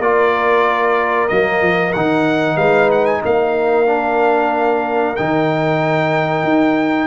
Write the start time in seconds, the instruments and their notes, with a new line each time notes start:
0.00 tuba A#3, trombone F4, horn A#4, trumpet D5
1.28 tuba F#3, trombone A#3, trumpet D#5
1.62 tuba F3
1.93 tuba D#3, trombone D#4, trumpet F#5
2.56 tuba G#3, horn B4, trumpet F5
2.92 trumpet F#5
3.06 trumpet G#5
3.24 tuba A#3, horn A#4, trumpet F5
3.87 trombone D4
5.16 tuba D#3, trombone D#4, trumpet G5
6.44 tuba D#4